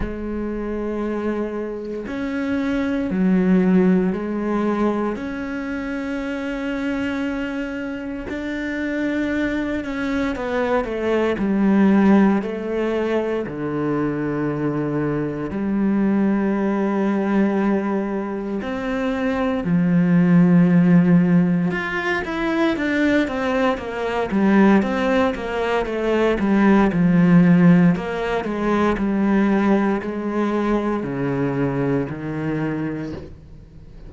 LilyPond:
\new Staff \with { instrumentName = "cello" } { \time 4/4 \tempo 4 = 58 gis2 cis'4 fis4 | gis4 cis'2. | d'4. cis'8 b8 a8 g4 | a4 d2 g4~ |
g2 c'4 f4~ | f4 f'8 e'8 d'8 c'8 ais8 g8 | c'8 ais8 a8 g8 f4 ais8 gis8 | g4 gis4 cis4 dis4 | }